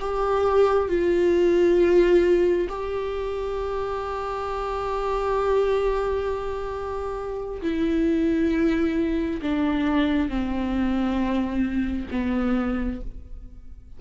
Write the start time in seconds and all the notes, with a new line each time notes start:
0.00 G4
0.89 F4
2.69 G4
7.62 E4
9.42 D4
10.29 C4
12.11 B3